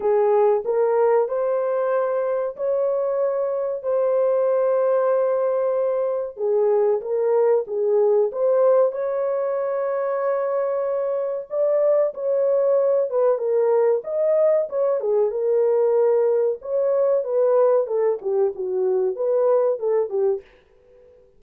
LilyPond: \new Staff \with { instrumentName = "horn" } { \time 4/4 \tempo 4 = 94 gis'4 ais'4 c''2 | cis''2 c''2~ | c''2 gis'4 ais'4 | gis'4 c''4 cis''2~ |
cis''2 d''4 cis''4~ | cis''8 b'8 ais'4 dis''4 cis''8 gis'8 | ais'2 cis''4 b'4 | a'8 g'8 fis'4 b'4 a'8 g'8 | }